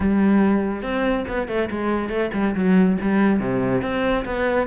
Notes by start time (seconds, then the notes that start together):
0.00 G3
0.82 C4
1.28 B3
1.48 A3
1.70 G#3
2.09 A3
2.33 G3
2.55 F#3
3.01 G3
3.39 C3
3.82 C4
4.25 B3